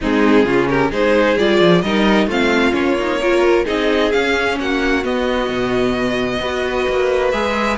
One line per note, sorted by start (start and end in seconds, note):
0.00 0.45 G#3
0.00 0.46 C4
0.00 0.45 D#4
0.00 0.68 G#4
0.45 0.90 C#3
0.45 0.91 C#4
0.45 0.68 F4
0.68 0.90 G4
0.68 0.91 A#4
0.90 1.37 G#3
0.90 1.37 D#4
0.90 1.82 G#4
0.90 1.38 C5
1.37 1.60 G3
1.37 1.83 F4
1.37 1.81 D5
1.60 1.82 F3
1.81 2.26 G3
1.81 2.29 D#4
1.81 2.27 A#4
1.81 2.27 D#5
2.26 2.72 A3
2.26 2.71 C4
2.26 3.19 F4
2.26 2.73 F5
2.71 3.65 A#3
2.71 2.94 C#4
2.71 3.65 C#5
2.98 3.21 D#4
3.20 3.64 F4
3.20 3.65 A#4
3.64 4.12 C4
3.64 4.10 D#4
3.64 4.56 G#4
3.64 4.12 D#5
4.12 5.03 C#4
4.12 4.59 C#4
4.12 4.57 F5
4.59 5.04 A#3
4.59 6.41 F#4
4.59 5.04 F#5
5.03 6.40 B3
5.03 5.49 B3
5.03 7.31 D#5
5.49 6.40 B2
6.40 6.85 B3
6.40 7.33 F#4
6.40 7.77 B4
6.88 7.33 A#3
7.31 7.77 G#3
7.31 7.77 G#4
7.31 7.76 E5